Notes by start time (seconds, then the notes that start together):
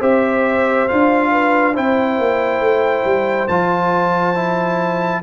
0.00 C4 G4 C5 E5
0.88 D4 F4 F5
1.31 B4
1.74 C4 E4 C5 G5
2.18 A#3
2.60 A3
3.05 G3
3.48 F3 F4 A5
4.35 E4